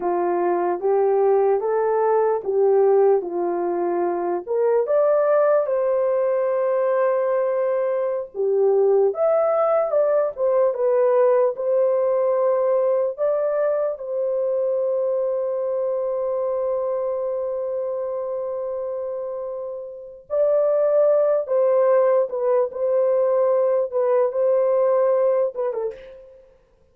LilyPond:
\new Staff \with { instrumentName = "horn" } { \time 4/4 \tempo 4 = 74 f'4 g'4 a'4 g'4 | f'4. ais'8 d''4 c''4~ | c''2~ c''16 g'4 e''8.~ | e''16 d''8 c''8 b'4 c''4.~ c''16~ |
c''16 d''4 c''2~ c''8.~ | c''1~ | c''4 d''4. c''4 b'8 | c''4. b'8 c''4. b'16 a'16 | }